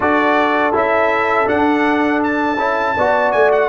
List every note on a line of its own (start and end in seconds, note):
0.00 0.74 D4
0.00 0.72 F#4
0.00 2.94 A4
0.00 0.75 D5
0.72 1.48 C#4
0.72 1.45 E4
0.72 1.48 E5
1.45 2.56 D4
1.45 2.57 D4
1.45 2.22 F#5
2.23 3.31 A5
2.57 2.94 C#4
2.57 2.95 E4
2.97 3.34 B3
2.97 3.68 F#4
2.97 3.68 D5
3.31 3.68 A3
3.31 3.50 G#5
3.52 3.68 F#5